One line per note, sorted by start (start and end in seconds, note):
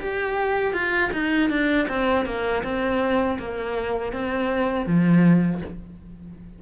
0.00 0.73 G4
0.73 1.11 F4
1.13 1.50 D#4
1.50 1.88 D4
1.89 2.26 C4
2.26 2.63 A#3
2.64 3.39 C4
3.39 4.12 A#3
4.12 4.86 C4
4.86 5.61 F3